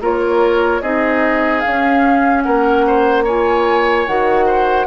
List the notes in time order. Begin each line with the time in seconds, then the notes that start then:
0.00 A#3 F4 A#4 C#5
0.81 C4 D#4 G#4 D#5
1.60 C#4 F5
1.66 C#4
2.42 A#3 A#4 F#5
2.87 C5
3.24 F4 C#5 G#5
4.07 D#3 F#4 F#5
4.46 C5